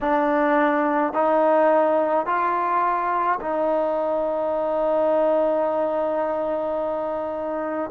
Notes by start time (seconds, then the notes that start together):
0.01 D4
1.13 D#4
2.26 F4
3.40 D#4